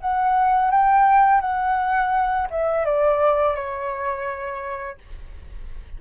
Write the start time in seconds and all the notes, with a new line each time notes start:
0.00 F#5
0.70 G5
1.41 F#5
2.50 E5
2.85 D5
3.55 C#5